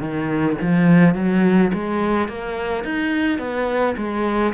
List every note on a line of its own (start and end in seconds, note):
0.00 0.57 D#3
0.62 1.15 F3
1.15 1.71 F#3
1.73 2.28 G#3
2.28 2.85 A#3
2.85 3.39 D#4
3.39 3.95 B3
3.97 4.54 G#3